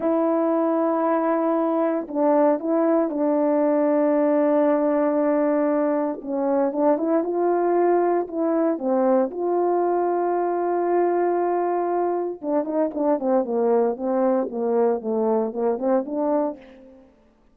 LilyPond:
\new Staff \with { instrumentName = "horn" } { \time 4/4 \tempo 4 = 116 e'1 | d'4 e'4 d'2~ | d'1 | cis'4 d'8 e'8 f'2 |
e'4 c'4 f'2~ | f'1 | d'8 dis'8 d'8 c'8 ais4 c'4 | ais4 a4 ais8 c'8 d'4 | }